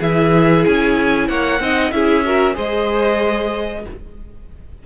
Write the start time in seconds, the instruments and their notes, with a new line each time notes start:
0.00 cello E3, viola E4, violin G#4 E5
0.65 cello C#4, violin G#5
1.28 cello A#3, violin C#5 F#5
1.60 cello C4, viola D#4, violin D#5
1.91 cello C#4, viola E4, violin G#4 E5
2.25 viola F#4, violin A#4
2.54 cello G#3, viola G#4, violin C5 D#5